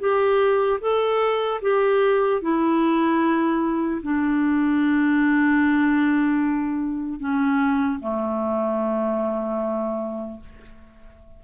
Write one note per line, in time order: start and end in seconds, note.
0.00 0.80 G4
0.81 1.61 A4
1.62 2.42 G4
2.42 4.02 E4
4.03 7.20 D4
7.20 8.00 C#4
8.00 10.40 A3